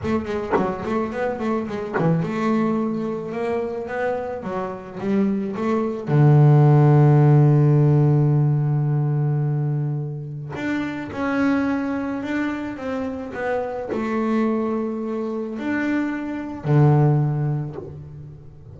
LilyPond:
\new Staff \with { instrumentName = "double bass" } { \time 4/4 \tempo 4 = 108 a8 gis8 fis8 a8 b8 a8 gis8 e8 | a2 ais4 b4 | fis4 g4 a4 d4~ | d1~ |
d2. d'4 | cis'2 d'4 c'4 | b4 a2. | d'2 d2 | }